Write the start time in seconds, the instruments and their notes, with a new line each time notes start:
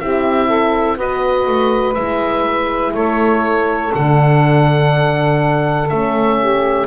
0.00 double bass C4, horn E4, saxophone G4, oboe E5
0.47 saxophone A4
0.97 double bass B3, horn F#4, saxophone B4, oboe D#5
1.47 double bass A3
1.94 double bass G#3, horn E4, oboe E5
2.94 double bass A3, saxophone A4, oboe C#5
3.94 double bass D3, horn D4, oboe F#5
5.89 double bass A3, horn C#4, oboe E5
6.40 saxophone G4